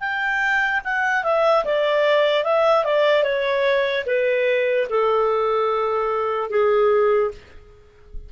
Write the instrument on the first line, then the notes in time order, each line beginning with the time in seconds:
clarinet
0.00 G5
0.84 F#5
1.24 E5
1.65 D5
2.44 E5
2.85 D5
3.24 C#5
4.07 B4
4.90 A4
6.50 G#4